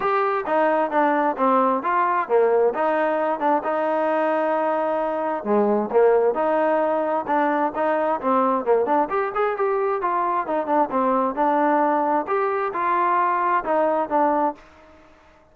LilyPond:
\new Staff \with { instrumentName = "trombone" } { \time 4/4 \tempo 4 = 132 g'4 dis'4 d'4 c'4 | f'4 ais4 dis'4. d'8 | dis'1 | gis4 ais4 dis'2 |
d'4 dis'4 c'4 ais8 d'8 | g'8 gis'8 g'4 f'4 dis'8 d'8 | c'4 d'2 g'4 | f'2 dis'4 d'4 | }